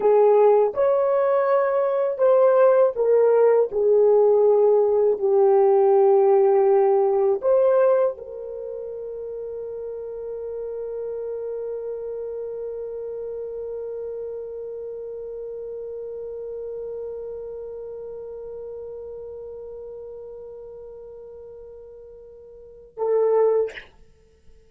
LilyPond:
\new Staff \with { instrumentName = "horn" } { \time 4/4 \tempo 4 = 81 gis'4 cis''2 c''4 | ais'4 gis'2 g'4~ | g'2 c''4 ais'4~ | ais'1~ |
ais'1~ | ais'1~ | ais'1~ | ais'2. a'4 | }